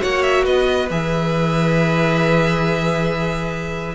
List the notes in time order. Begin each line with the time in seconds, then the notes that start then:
0.00 A#3 F#4 C#5 F#5
0.23 E5
0.44 B3 B4 D#5
0.90 E3 G#4 E5